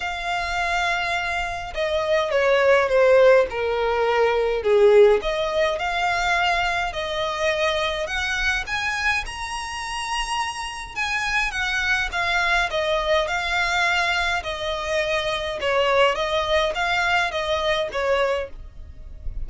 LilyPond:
\new Staff \with { instrumentName = "violin" } { \time 4/4 \tempo 4 = 104 f''2. dis''4 | cis''4 c''4 ais'2 | gis'4 dis''4 f''2 | dis''2 fis''4 gis''4 |
ais''2. gis''4 | fis''4 f''4 dis''4 f''4~ | f''4 dis''2 cis''4 | dis''4 f''4 dis''4 cis''4 | }